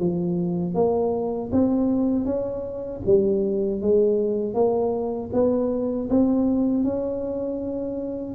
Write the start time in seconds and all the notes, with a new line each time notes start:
0.00 F3
0.75 A#3
1.52 C4
2.26 C#4
3.06 G3
3.82 G#3
4.54 A#3
5.33 B3
6.10 C4
6.84 C#4